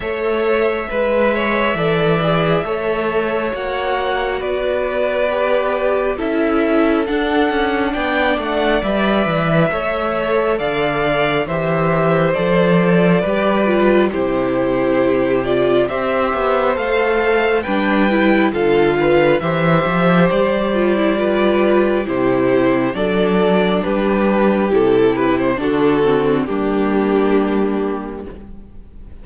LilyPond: <<
  \new Staff \with { instrumentName = "violin" } { \time 4/4 \tempo 4 = 68 e''1 | fis''4 d''2 e''4 | fis''4 g''8 fis''8 e''2 | f''4 e''4 d''2 |
c''4. d''8 e''4 f''4 | g''4 f''4 e''4 d''4~ | d''4 c''4 d''4 b'4 | a'8 b'16 c''16 a'4 g'2 | }
  \new Staff \with { instrumentName = "violin" } { \time 4/4 cis''4 b'8 cis''8 d''4 cis''4~ | cis''4 b'2 a'4~ | a'4 d''2 cis''4 | d''4 c''2 b'4 |
g'2 c''2 | b'4 a'8 b'8 c''2 | b'4 g'4 a'4 g'4~ | g'4 fis'4 d'2 | }
  \new Staff \with { instrumentName = "viola" } { \time 4/4 a'4 b'4 a'8 gis'8 a'4 | fis'2 g'4 e'4 | d'2 b'4 a'4~ | a'4 g'4 a'4 g'8 f'8 |
e'4. f'8 g'4 a'4 | d'8 e'8 f'4 g'4. f'16 e'16 | f'4 e'4 d'2 | e'4 d'8 c'8 ais2 | }
  \new Staff \with { instrumentName = "cello" } { \time 4/4 a4 gis4 e4 a4 | ais4 b2 cis'4 | d'8 cis'8 b8 a8 g8 e8 a4 | d4 e4 f4 g4 |
c2 c'8 b8 a4 | g4 d4 e8 f8 g4~ | g4 c4 fis4 g4 | c4 d4 g2 | }
>>